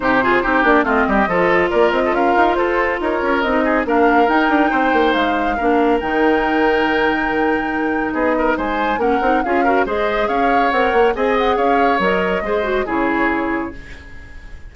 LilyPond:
<<
  \new Staff \with { instrumentName = "flute" } { \time 4/4 \tempo 4 = 140 c''4. d''8 dis''2 | d''8 dis''8 f''4 c''4 cis''4 | dis''4 f''4 g''2 | f''2 g''2~ |
g''2. dis''4 | gis''4 fis''4 f''4 dis''4 | f''4 fis''4 gis''8 fis''8 f''4 | dis''2 cis''2 | }
  \new Staff \with { instrumentName = "oboe" } { \time 4/4 g'8 gis'8 g'4 f'8 g'8 a'4 | ais'8. a'16 ais'4 a'4 ais'4~ | ais'8 gis'8 ais'2 c''4~ | c''4 ais'2.~ |
ais'2. gis'8 ais'8 | c''4 ais'4 gis'8 ais'8 c''4 | cis''2 dis''4 cis''4~ | cis''4 c''4 gis'2 | }
  \new Staff \with { instrumentName = "clarinet" } { \time 4/4 dis'8 f'8 dis'8 d'8 c'4 f'4~ | f'1 | dis'4 d'4 dis'2~ | dis'4 d'4 dis'2~ |
dis'1~ | dis'4 cis'8 dis'8 f'8 fis'8 gis'4~ | gis'4 ais'4 gis'2 | ais'4 gis'8 fis'8 e'2 | }
  \new Staff \with { instrumentName = "bassoon" } { \time 4/4 c4 c'8 ais8 a8 g8 f4 | ais8 c'8 cis'8 dis'8 f'4 dis'8 cis'8 | c'4 ais4 dis'8 d'8 c'8 ais8 | gis4 ais4 dis2~ |
dis2. b4 | gis4 ais8 c'8 cis'4 gis4 | cis'4 c'8 ais8 c'4 cis'4 | fis4 gis4 cis2 | }
>>